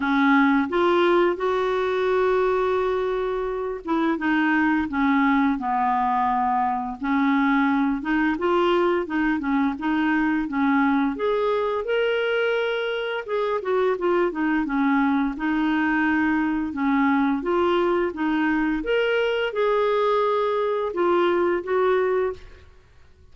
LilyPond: \new Staff \with { instrumentName = "clarinet" } { \time 4/4 \tempo 4 = 86 cis'4 f'4 fis'2~ | fis'4. e'8 dis'4 cis'4 | b2 cis'4. dis'8 | f'4 dis'8 cis'8 dis'4 cis'4 |
gis'4 ais'2 gis'8 fis'8 | f'8 dis'8 cis'4 dis'2 | cis'4 f'4 dis'4 ais'4 | gis'2 f'4 fis'4 | }